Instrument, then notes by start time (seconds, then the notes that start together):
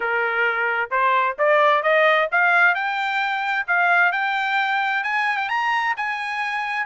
trumpet
0.00 A#4
0.90 C5
1.38 D5
1.82 D#5
2.31 F5
2.74 G5
3.67 F5
4.11 G5
5.03 G#5
5.37 G5
5.48 A#5
5.96 G#5